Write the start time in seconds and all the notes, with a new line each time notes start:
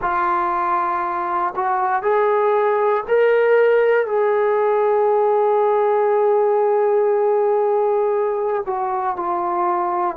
0.01 F4
1.55 F#4
2.02 G#4
3.07 A#4
4.06 G#4
8.66 F#4
9.16 F4